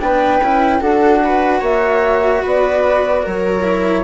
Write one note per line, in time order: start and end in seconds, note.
0.00 0.41 B3
0.00 0.41 D4
0.00 0.81 B4
0.00 0.81 G5
0.42 0.81 C#4
0.42 0.79 E4
0.79 1.62 D4
0.79 3.63 F#4
0.79 1.22 A4
0.79 1.62 F#5
1.24 1.60 B4
1.60 2.43 A#3
1.60 2.41 C#5
1.60 2.44 E5
2.43 3.26 B3
2.43 3.22 B4
2.43 3.28 D5
3.22 4.05 F#3
3.22 4.04 A#4
3.22 4.05 C#5
3.63 4.04 E4